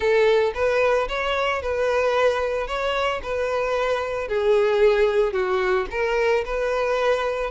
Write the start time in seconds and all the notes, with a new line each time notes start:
0.00 A4
0.54 B4
1.08 C#5
1.61 B4
2.67 C#5
3.22 B4
4.28 G#4
5.33 F#4
5.91 A#4
6.45 B4